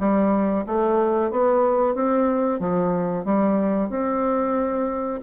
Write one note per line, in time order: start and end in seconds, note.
0.00 0.65 G3
0.67 1.31 A3
1.31 1.95 B3
1.95 2.60 C4
2.60 3.25 F3
3.25 3.90 G3
3.90 5.20 C4